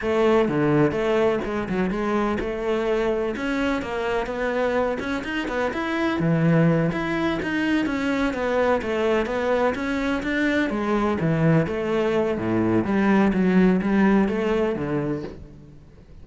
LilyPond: \new Staff \with { instrumentName = "cello" } { \time 4/4 \tempo 4 = 126 a4 d4 a4 gis8 fis8 | gis4 a2 cis'4 | ais4 b4. cis'8 dis'8 b8 | e'4 e4. e'4 dis'8~ |
dis'8 cis'4 b4 a4 b8~ | b8 cis'4 d'4 gis4 e8~ | e8 a4. a,4 g4 | fis4 g4 a4 d4 | }